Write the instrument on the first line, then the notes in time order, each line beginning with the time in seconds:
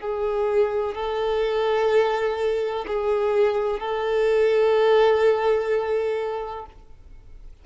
violin
0.00 G#4
0.94 A4
2.87 G#4
3.80 A4